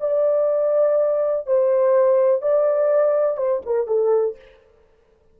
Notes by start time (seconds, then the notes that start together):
0.00 D5
1.46 C5
2.41 D5
3.37 C5
3.65 A#4
3.87 A4